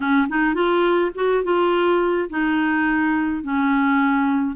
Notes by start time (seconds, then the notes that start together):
0.00 C#4
0.28 D#4
0.54 F4
1.15 F#4
1.43 F4
2.29 D#4
3.43 C#4